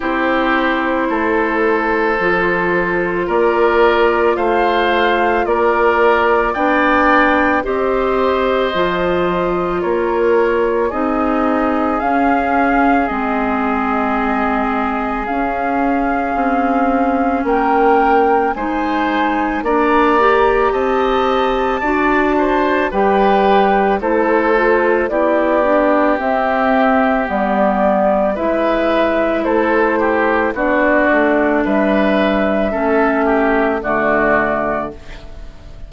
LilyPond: <<
  \new Staff \with { instrumentName = "flute" } { \time 4/4 \tempo 4 = 55 c''2. d''4 | f''4 d''4 g''4 dis''4~ | dis''4 cis''4 dis''4 f''4 | dis''2 f''2 |
g''4 gis''4 ais''4 a''4~ | a''4 g''4 c''4 d''4 | e''4 d''4 e''4 c''4 | d''4 e''2 d''4 | }
  \new Staff \with { instrumentName = "oboe" } { \time 4/4 g'4 a'2 ais'4 | c''4 ais'4 d''4 c''4~ | c''4 ais'4 gis'2~ | gis'1 |
ais'4 c''4 d''4 dis''4 | d''8 c''8 b'4 a'4 g'4~ | g'2 b'4 a'8 g'8 | fis'4 b'4 a'8 g'8 fis'4 | }
  \new Staff \with { instrumentName = "clarinet" } { \time 4/4 e'2 f'2~ | f'2 d'4 g'4 | f'2 dis'4 cis'4 | c'2 cis'2~ |
cis'4 dis'4 d'8 g'4. | fis'4 g'4 e'8 f'8 e'8 d'8 | c'4 b4 e'2 | d'2 cis'4 a4 | }
  \new Staff \with { instrumentName = "bassoon" } { \time 4/4 c'4 a4 f4 ais4 | a4 ais4 b4 c'4 | f4 ais4 c'4 cis'4 | gis2 cis'4 c'4 |
ais4 gis4 ais4 c'4 | d'4 g4 a4 b4 | c'4 g4 gis4 a4 | b8 a8 g4 a4 d4 | }
>>